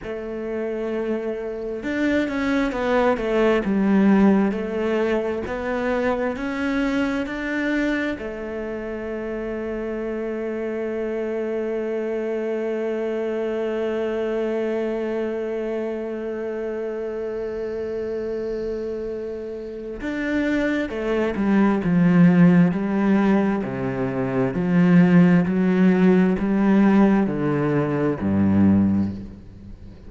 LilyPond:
\new Staff \with { instrumentName = "cello" } { \time 4/4 \tempo 4 = 66 a2 d'8 cis'8 b8 a8 | g4 a4 b4 cis'4 | d'4 a2.~ | a1~ |
a1~ | a2 d'4 a8 g8 | f4 g4 c4 f4 | fis4 g4 d4 g,4 | }